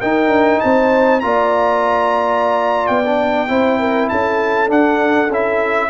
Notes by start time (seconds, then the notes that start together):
0.00 D#4 A#4 G5
0.28 D4
0.60 C4 C5 A5
1.20 A#3 F4 D5 A#5
2.87 B3 G5
3.05 D4
3.48 C4 E4 C5
3.80 A#4
4.09 C#4 A4 A5
4.68 D4 F#5
5.29 C#4 E4 E5